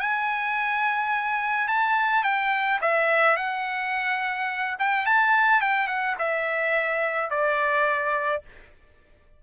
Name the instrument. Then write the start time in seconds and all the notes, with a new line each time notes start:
trumpet
0.00 G#5
1.67 A5
2.23 G5
2.81 E5
3.36 F#5
4.79 G5
5.06 A5
5.61 G5
5.87 F#5
6.18 E5
7.30 D5